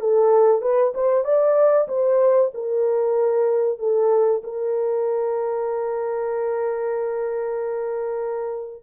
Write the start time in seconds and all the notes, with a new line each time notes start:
0.00 A4
0.62 B4
0.95 C5
1.24 D5
1.88 C5
2.54 A#4
3.79 A4
4.44 A#4